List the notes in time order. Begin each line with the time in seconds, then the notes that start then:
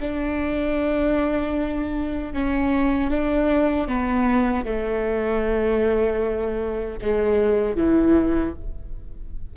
0.00 D4
2.33 C#4
3.11 D4
3.88 B3
4.65 A3
7.02 G#3
7.76 E3